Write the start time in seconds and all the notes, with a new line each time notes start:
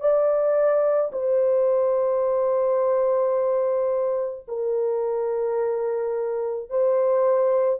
0.00 D5
1.13 C5
4.48 A#4
6.70 C5